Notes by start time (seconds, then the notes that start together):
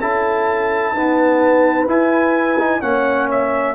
0.00 C#4 E4 A4 A5
0.94 B3 D#4 B4
1.88 E4 G#5
2.59 D#4
2.82 A#3 C#4 C#5 F#5
3.31 E5